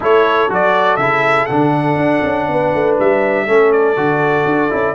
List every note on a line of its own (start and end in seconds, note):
0.00 0.49 A3
0.00 0.49 E4
0.00 2.48 A4
0.00 0.53 C#5
0.49 0.97 F#3
0.49 0.98 F#4
0.49 0.96 D5
0.96 1.47 C#3
0.96 1.49 E4
0.96 1.46 E5
1.46 1.96 D3
1.46 3.47 D4
1.46 2.95 F#5
1.96 2.21 D4
2.23 2.48 C#4
2.48 2.73 B3
2.48 3.46 B4
2.73 2.98 A3
2.99 3.48 G3
2.99 3.72 E5
3.46 3.96 A3
3.46 3.96 C#4
3.46 4.95 A4
3.72 4.95 D5
3.96 4.45 D3
3.96 4.70 F#4
4.45 4.69 D4
4.70 4.95 C#4
4.70 4.94 E4